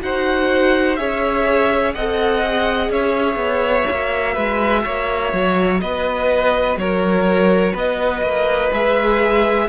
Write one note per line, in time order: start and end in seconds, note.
0.00 0.98 D#4
0.00 0.97 F#4
0.00 0.99 C5
0.00 0.96 F#5
0.96 1.95 C#4
0.96 1.94 G#4
0.96 1.95 C#5
0.96 1.93 E5
1.94 2.90 C4
1.94 2.43 A4
1.94 2.91 D#5
1.94 2.91 F#5
2.43 3.88 G#4
2.90 3.35 C#4
2.90 4.33 C#5
2.90 5.80 E5
3.35 3.84 B3
3.88 4.37 A#3
3.88 8.71 F#4
4.33 4.85 G#3
4.33 4.82 B4
4.84 5.33 A#3
4.84 5.81 C#5
5.33 5.81 F#3
5.80 6.76 B3
5.80 6.79 B4
5.80 6.77 D#5
6.76 7.73 F#3
6.76 7.73 A#4
6.76 7.75 C#5
7.73 8.22 B3
7.73 9.66 B4
7.73 8.73 D#5
8.22 8.70 A#3
8.71 9.68 G#3
8.71 9.68 G#4
8.71 9.68 E5